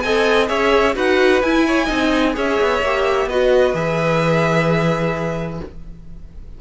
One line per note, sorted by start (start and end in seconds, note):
0.00 0.50 C4
0.00 0.46 A4
0.00 0.48 D#5
0.00 0.47 G#5
0.46 0.96 C#4
0.46 0.93 G#4
0.46 0.95 C#5
0.46 0.95 E5
0.95 1.42 D#4
0.95 1.42 F#4
0.95 1.65 B4
0.95 1.42 F#5
1.42 1.89 E4
1.42 1.88 E4
1.42 2.35 G#5
1.67 1.85 C#5
1.85 2.36 C4
1.85 2.33 D#4
1.85 2.31 D#5
2.33 2.60 C#4
2.33 2.80 G#4
2.33 3.28 C#5
2.33 3.29 E5
2.61 2.82 B3
2.82 3.26 A#3
2.82 3.30 G4
3.26 3.72 B3
3.26 3.74 F#4
3.26 5.60 B4
3.26 3.75 D#5
3.74 5.60 E3
3.74 5.60 G#4
3.74 5.61 E5